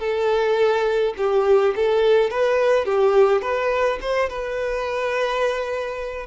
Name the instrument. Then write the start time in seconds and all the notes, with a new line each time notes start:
violin
0.00 A4
1.18 G4
1.76 A4
2.31 B4
2.86 G4
3.42 B4
4.02 C5
4.30 B4